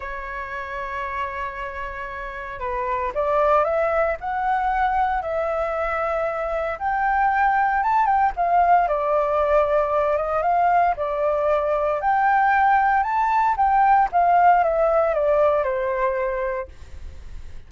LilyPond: \new Staff \with { instrumentName = "flute" } { \time 4/4 \tempo 4 = 115 cis''1~ | cis''4 b'4 d''4 e''4 | fis''2 e''2~ | e''4 g''2 a''8 g''8 |
f''4 d''2~ d''8 dis''8 | f''4 d''2 g''4~ | g''4 a''4 g''4 f''4 | e''4 d''4 c''2 | }